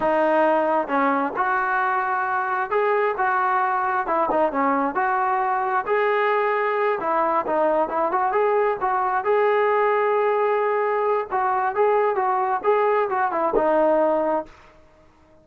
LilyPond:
\new Staff \with { instrumentName = "trombone" } { \time 4/4 \tempo 4 = 133 dis'2 cis'4 fis'4~ | fis'2 gis'4 fis'4~ | fis'4 e'8 dis'8 cis'4 fis'4~ | fis'4 gis'2~ gis'8 e'8~ |
e'8 dis'4 e'8 fis'8 gis'4 fis'8~ | fis'8 gis'2.~ gis'8~ | gis'4 fis'4 gis'4 fis'4 | gis'4 fis'8 e'8 dis'2 | }